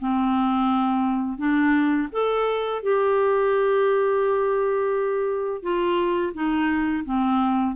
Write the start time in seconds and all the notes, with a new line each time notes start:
0.00 C4
1.38 D4
2.12 A4
2.83 G4
5.63 F4
6.34 D#4
7.06 C4